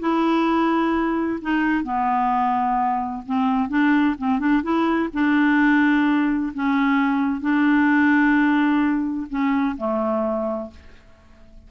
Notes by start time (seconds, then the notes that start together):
0.00 E4
1.42 D#4
1.84 B3
3.26 C4
3.69 D4
4.18 C4
4.40 D4
4.63 E4
5.14 D4
6.54 C#4
7.41 D4
9.30 C#4
9.77 A3